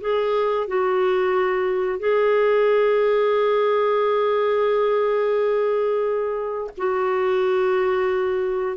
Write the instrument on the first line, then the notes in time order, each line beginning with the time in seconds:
clarinet
0.00 G#4
0.67 F#4
1.99 G#4
6.77 F#4